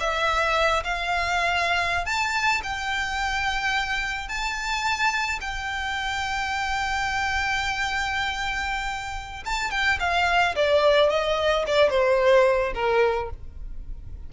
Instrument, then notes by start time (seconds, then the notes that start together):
violin
0.00 E5
0.84 F5
2.06 A5
2.63 G5
4.28 A5
5.41 G5
9.45 A5
9.71 G5
10.00 F5
10.56 D5
11.10 D#5
11.67 D5
11.90 C5
12.74 A#4